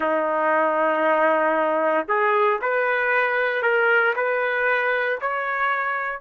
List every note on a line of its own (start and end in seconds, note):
0.00 2.06 D#4
2.08 2.60 G#4
2.61 3.62 B4
3.62 4.14 A#4
4.15 5.19 B4
5.20 6.20 C#5